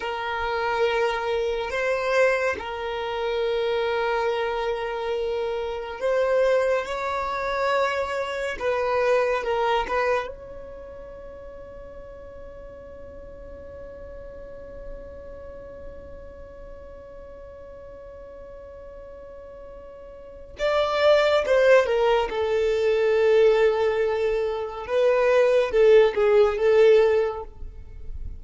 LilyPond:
\new Staff \with { instrumentName = "violin" } { \time 4/4 \tempo 4 = 70 ais'2 c''4 ais'4~ | ais'2. c''4 | cis''2 b'4 ais'8 b'8 | cis''1~ |
cis''1~ | cis''1 | d''4 c''8 ais'8 a'2~ | a'4 b'4 a'8 gis'8 a'4 | }